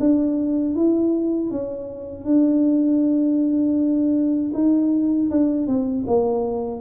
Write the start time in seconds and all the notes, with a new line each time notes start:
0.00 D4
0.75 E4
1.51 C#4
2.25 D4
4.54 D#4
5.31 D4
5.68 C4
6.07 A#3